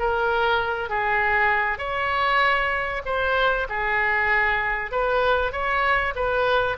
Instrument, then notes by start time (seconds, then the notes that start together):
oboe
0.00 A#4
0.90 G#4
1.79 C#5
3.06 C5
3.69 G#4
4.92 B4
5.52 C#5
6.16 B4